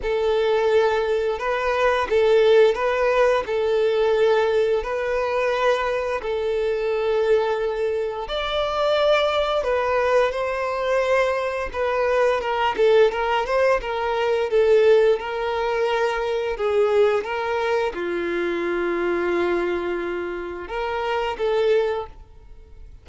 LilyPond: \new Staff \with { instrumentName = "violin" } { \time 4/4 \tempo 4 = 87 a'2 b'4 a'4 | b'4 a'2 b'4~ | b'4 a'2. | d''2 b'4 c''4~ |
c''4 b'4 ais'8 a'8 ais'8 c''8 | ais'4 a'4 ais'2 | gis'4 ais'4 f'2~ | f'2 ais'4 a'4 | }